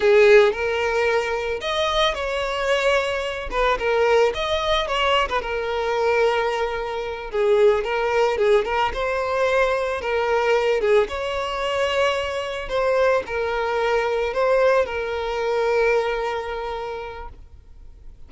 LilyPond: \new Staff \with { instrumentName = "violin" } { \time 4/4 \tempo 4 = 111 gis'4 ais'2 dis''4 | cis''2~ cis''8 b'8 ais'4 | dis''4 cis''8. b'16 ais'2~ | ais'4. gis'4 ais'4 gis'8 |
ais'8 c''2 ais'4. | gis'8 cis''2. c''8~ | c''8 ais'2 c''4 ais'8~ | ais'1 | }